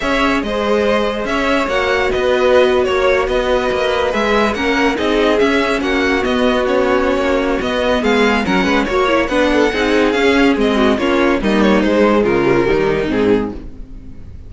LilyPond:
<<
  \new Staff \with { instrumentName = "violin" } { \time 4/4 \tempo 4 = 142 e''4 dis''2 e''4 | fis''4 dis''4.~ dis''16 cis''4 dis''16~ | dis''4.~ dis''16 e''4 fis''4 dis''16~ | dis''8. e''4 fis''4 dis''4 cis''16~ |
cis''2 dis''4 f''4 | fis''4 cis''4 fis''2 | f''4 dis''4 cis''4 dis''8 cis''8 | c''4 ais'2 gis'4 | }
  \new Staff \with { instrumentName = "violin" } { \time 4/4 cis''4 c''2 cis''4~ | cis''4 b'4.~ b'16 cis''4 b'16~ | b'2~ b'8. ais'4 gis'16~ | gis'4.~ gis'16 fis'2~ fis'16~ |
fis'2. gis'4 | ais'8 b'8 cis''4 b'8 a'8 gis'4~ | gis'4. fis'8 f'4 dis'4~ | dis'4 f'4 dis'2 | }
  \new Staff \with { instrumentName = "viola" } { \time 4/4 gis'1 | fis'1~ | fis'4.~ fis'16 gis'4 cis'4 dis'16~ | dis'8. cis'2 b4 cis'16~ |
cis'2 b2 | cis'4 fis'8 e'8 d'4 dis'4 | cis'4 c'4 cis'4 ais4 | gis4. g16 f16 g4 c'4 | }
  \new Staff \with { instrumentName = "cello" } { \time 4/4 cis'4 gis2 cis'4 | ais4 b4.~ b16 ais4 b16~ | b8. ais4 gis4 ais4 c'16~ | c'8. cis'4 ais4 b4~ b16~ |
b4 ais4 b4 gis4 | fis8 gis8 ais4 b4 c'4 | cis'4 gis4 ais4 g4 | gis4 cis4 dis4 gis,4 | }
>>